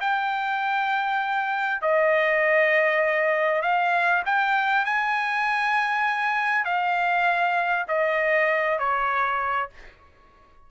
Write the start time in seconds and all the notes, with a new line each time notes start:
0.00 G5
1.82 D#5
3.62 F5
4.26 G5
4.85 G#5
6.65 F5
7.88 D#5
8.79 C#5